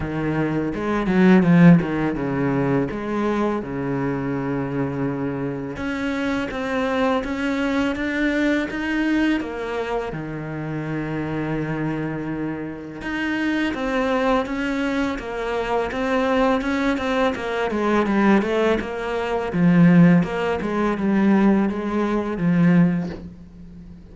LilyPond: \new Staff \with { instrumentName = "cello" } { \time 4/4 \tempo 4 = 83 dis4 gis8 fis8 f8 dis8 cis4 | gis4 cis2. | cis'4 c'4 cis'4 d'4 | dis'4 ais4 dis2~ |
dis2 dis'4 c'4 | cis'4 ais4 c'4 cis'8 c'8 | ais8 gis8 g8 a8 ais4 f4 | ais8 gis8 g4 gis4 f4 | }